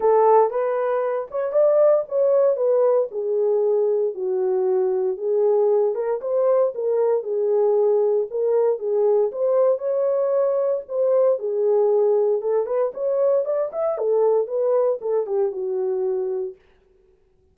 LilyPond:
\new Staff \with { instrumentName = "horn" } { \time 4/4 \tempo 4 = 116 a'4 b'4. cis''8 d''4 | cis''4 b'4 gis'2 | fis'2 gis'4. ais'8 | c''4 ais'4 gis'2 |
ais'4 gis'4 c''4 cis''4~ | cis''4 c''4 gis'2 | a'8 b'8 cis''4 d''8 e''8 a'4 | b'4 a'8 g'8 fis'2 | }